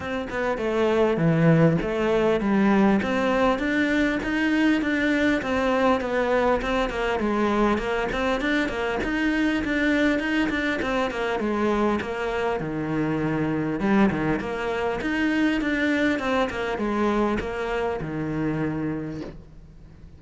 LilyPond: \new Staff \with { instrumentName = "cello" } { \time 4/4 \tempo 4 = 100 c'8 b8 a4 e4 a4 | g4 c'4 d'4 dis'4 | d'4 c'4 b4 c'8 ais8 | gis4 ais8 c'8 d'8 ais8 dis'4 |
d'4 dis'8 d'8 c'8 ais8 gis4 | ais4 dis2 g8 dis8 | ais4 dis'4 d'4 c'8 ais8 | gis4 ais4 dis2 | }